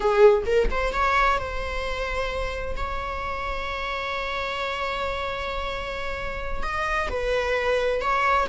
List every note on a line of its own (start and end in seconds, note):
0.00 0.43 G#4
0.46 0.68 A#4
0.70 0.93 C5
0.93 1.38 C#5
1.38 2.75 C5
2.76 6.63 C#5
6.63 7.08 D#5
7.09 8.01 B4
8.01 8.47 C#5